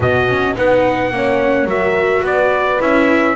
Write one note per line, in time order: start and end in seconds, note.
0.00 0.56 B2
0.00 0.28 B3
0.00 0.56 F#4
0.00 0.57 D#5
0.28 0.55 C#4
0.55 1.11 B3
0.55 1.11 D#4
0.55 1.12 B4
0.55 1.69 F#5
1.11 1.65 A#3
1.11 1.68 C#4
1.11 1.68 C#5
1.65 2.21 F#3
1.65 2.79 F#4
1.65 2.23 A#4
1.65 2.25 E5
2.22 2.78 B3
2.22 3.36 B4
2.22 2.81 D5
2.79 3.36 C#4
2.79 3.35 E4
2.79 3.36 E5